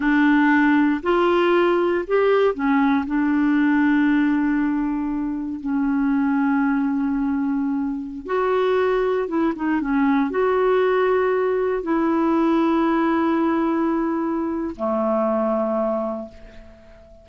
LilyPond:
\new Staff \with { instrumentName = "clarinet" } { \time 4/4 \tempo 4 = 118 d'2 f'2 | g'4 cis'4 d'2~ | d'2. cis'4~ | cis'1~ |
cis'16 fis'2 e'8 dis'8 cis'8.~ | cis'16 fis'2. e'8.~ | e'1~ | e'4 a2. | }